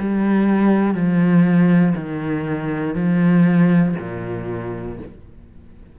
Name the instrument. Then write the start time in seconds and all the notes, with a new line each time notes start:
cello
0.00 G3
0.95 F3
1.96 D#3
2.95 F3
4.00 A#2